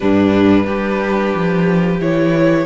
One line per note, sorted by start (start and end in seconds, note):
0.00 0.67 G2
0.00 0.64 G3
0.00 0.65 D4
0.00 2.00 B4
0.64 1.33 G3
0.64 1.98 D4
0.64 2.65 G4
1.34 1.99 F3
1.99 2.66 E3
1.99 2.66 E4
1.99 2.66 C#5